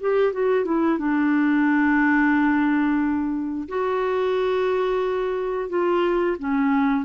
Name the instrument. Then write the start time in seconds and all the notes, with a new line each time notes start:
clarinet
0.00 G4
0.32 F#4
0.64 E4
0.98 D4
3.68 F#4
5.69 F4
6.39 C#4